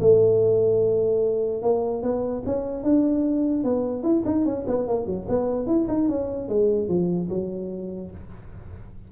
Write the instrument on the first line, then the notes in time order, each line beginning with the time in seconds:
tuba
0.00 A3
1.62 A#3
2.03 B3
2.46 C#4
2.83 D4
3.64 B3
4.03 E4
4.25 D#4
4.45 C#4
4.67 B3
4.87 A#3
5.06 F#3
5.29 B3
5.67 E4
5.88 D#4
6.09 C#4
6.48 G#3
6.88 F3
7.30 F#3